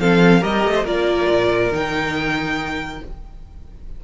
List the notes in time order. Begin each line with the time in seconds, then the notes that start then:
0.00 F3 C4 A4 F5
0.41 G3 G4 A#4 D#5
0.65 A3
0.76 C5
0.84 A#3 F4 A#4 D5
1.29 A#2
1.72 D#3 D#4 G5